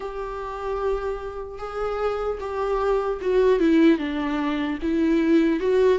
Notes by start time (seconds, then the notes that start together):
0.00 G4
1.58 G#4
2.40 G4
3.21 F#4
3.59 E4
3.98 D4
4.82 E4
5.60 F#4